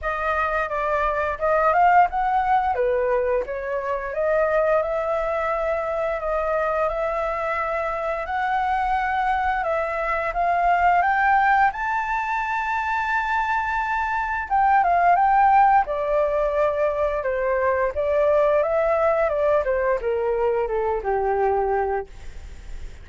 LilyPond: \new Staff \with { instrumentName = "flute" } { \time 4/4 \tempo 4 = 87 dis''4 d''4 dis''8 f''8 fis''4 | b'4 cis''4 dis''4 e''4~ | e''4 dis''4 e''2 | fis''2 e''4 f''4 |
g''4 a''2.~ | a''4 g''8 f''8 g''4 d''4~ | d''4 c''4 d''4 e''4 | d''8 c''8 ais'4 a'8 g'4. | }